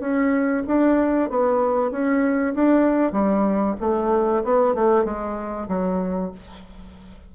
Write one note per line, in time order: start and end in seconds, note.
0.00 0.63 C#4
0.67 1.30 D4
1.30 1.91 B3
1.91 2.54 C#4
2.55 3.12 D4
3.12 3.75 G3
3.80 4.43 A3
4.44 4.75 B3
4.75 5.04 A3
5.04 5.68 G#3
5.68 6.31 F#3